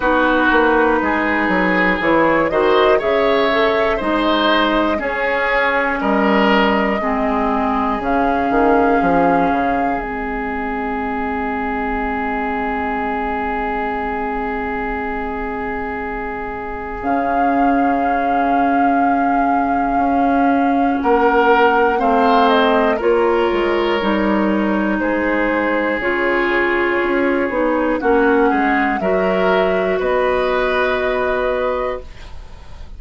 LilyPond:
<<
  \new Staff \with { instrumentName = "flute" } { \time 4/4 \tempo 4 = 60 b'2 cis''8 dis''8 e''4 | dis''4 cis''4 dis''2 | f''2 dis''2~ | dis''1~ |
dis''4 f''2.~ | f''4 fis''4 f''8 dis''8 cis''4~ | cis''4 c''4 cis''2 | fis''4 e''4 dis''2 | }
  \new Staff \with { instrumentName = "oboe" } { \time 4/4 fis'4 gis'4. c''8 cis''4 | c''4 gis'4 ais'4 gis'4~ | gis'1~ | gis'1~ |
gis'1~ | gis'4 ais'4 c''4 ais'4~ | ais'4 gis'2. | fis'8 gis'8 ais'4 b'2 | }
  \new Staff \with { instrumentName = "clarinet" } { \time 4/4 dis'2 e'8 fis'8 gis'8 a'8 | dis'4 cis'2 c'4 | cis'2 c'2~ | c'1~ |
c'4 cis'2.~ | cis'2 c'4 f'4 | dis'2 f'4. dis'8 | cis'4 fis'2. | }
  \new Staff \with { instrumentName = "bassoon" } { \time 4/4 b8 ais8 gis8 fis8 e8 dis8 cis4 | gis4 cis'4 g4 gis4 | cis8 dis8 f8 cis8 gis2~ | gis1~ |
gis4 cis2. | cis'4 ais4 a4 ais8 gis8 | g4 gis4 cis4 cis'8 b8 | ais8 gis8 fis4 b2 | }
>>